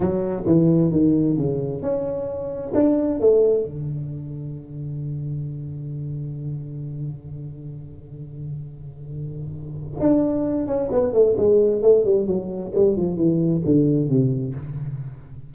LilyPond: \new Staff \with { instrumentName = "tuba" } { \time 4/4 \tempo 4 = 132 fis4 e4 dis4 cis4 | cis'2 d'4 a4 | d1~ | d1~ |
d1~ | d2 d'4. cis'8 | b8 a8 gis4 a8 g8 fis4 | g8 f8 e4 d4 c4 | }